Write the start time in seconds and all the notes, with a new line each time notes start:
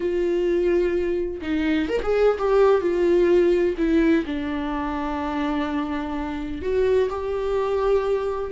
0.00 F4
1.41 D#4
1.89 A#4
2.02 G#4
2.38 G4
2.81 F4
3.77 E4
4.26 D4
6.61 F#4
7.09 G4